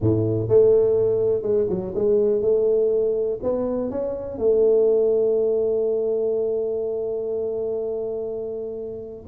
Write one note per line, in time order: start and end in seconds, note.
0.00 0.48 A2
0.48 1.42 A3
1.42 1.66 G#3
1.69 1.94 F#3
1.94 2.41 G#3
2.41 3.39 A3
3.42 3.90 B3
3.90 4.38 C#4
4.38 9.25 A3